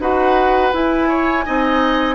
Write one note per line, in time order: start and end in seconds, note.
0.00 0.72 D#4
0.00 0.73 F#4
0.00 1.09 B4
0.00 0.74 F#5
0.73 1.45 E4
0.73 1.46 E4
0.73 2.16 G#5
1.09 1.45 C#5
1.45 2.16 C4
1.45 2.16 D#4
1.45 2.16 D#5